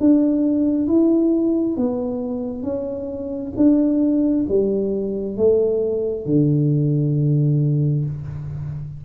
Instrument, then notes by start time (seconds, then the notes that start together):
tuba
0.00 D4
0.88 E4
1.77 B3
2.63 C#4
3.56 D4
4.49 G3
5.36 A3
6.26 D3